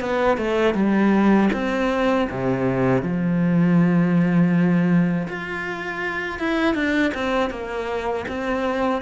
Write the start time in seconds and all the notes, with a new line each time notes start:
0.00 B3
0.38 A3
0.74 G3
1.53 C4
2.30 C3
3.02 F3
5.28 F4
6.39 E4
6.75 D4
7.14 C4
7.50 A#3
8.28 C4